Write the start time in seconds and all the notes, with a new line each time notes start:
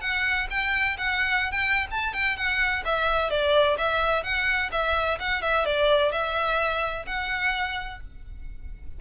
0.00 F#5
0.50 G5
0.97 F#5
1.51 G5
1.90 A5
2.13 G5
2.36 F#5
2.85 E5
3.30 D5
3.77 E5
4.23 F#5
4.71 E5
5.19 F#5
5.41 E5
5.65 D5
6.12 E5
7.06 F#5